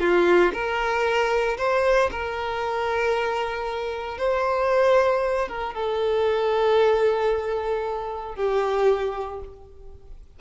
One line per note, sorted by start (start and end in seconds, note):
0.00 0.52 F4
0.53 1.57 A#4
1.58 2.10 C5
2.12 4.18 A#4
4.18 5.49 C5
5.49 5.74 A#4
5.74 8.35 A4
8.35 9.40 G4